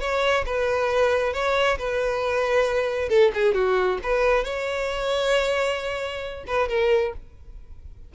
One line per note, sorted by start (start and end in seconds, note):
0.00 0.44 C#5
0.46 1.33 B4
1.33 1.78 C#5
1.78 3.09 B4
3.09 3.31 A4
3.34 3.54 G#4
3.54 3.99 F#4
4.03 4.44 B4
4.44 6.44 C#5
6.47 6.68 B4
6.68 7.13 A#4